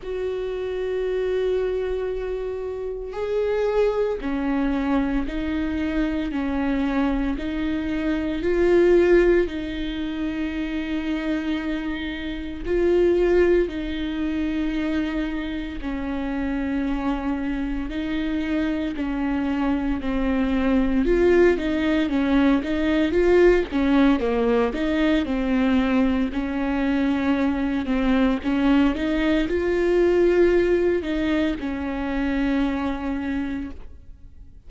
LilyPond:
\new Staff \with { instrumentName = "viola" } { \time 4/4 \tempo 4 = 57 fis'2. gis'4 | cis'4 dis'4 cis'4 dis'4 | f'4 dis'2. | f'4 dis'2 cis'4~ |
cis'4 dis'4 cis'4 c'4 | f'8 dis'8 cis'8 dis'8 f'8 cis'8 ais8 dis'8 | c'4 cis'4. c'8 cis'8 dis'8 | f'4. dis'8 cis'2 | }